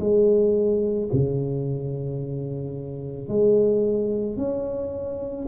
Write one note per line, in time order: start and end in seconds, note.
0.00 1.09 G#3
1.13 3.28 C#3
3.28 4.37 G#3
4.37 5.46 C#4